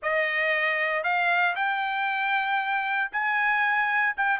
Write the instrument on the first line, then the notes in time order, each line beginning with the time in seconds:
trumpet
0.02 D#5
1.03 F5
1.55 G5
3.12 G#5
4.16 G5